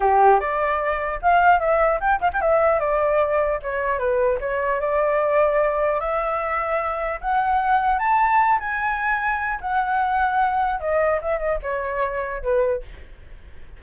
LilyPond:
\new Staff \with { instrumentName = "flute" } { \time 4/4 \tempo 4 = 150 g'4 d''2 f''4 | e''4 g''8 f''16 g''16 e''4 d''4~ | d''4 cis''4 b'4 cis''4 | d''2. e''4~ |
e''2 fis''2 | a''4. gis''2~ gis''8 | fis''2. dis''4 | e''8 dis''8 cis''2 b'4 | }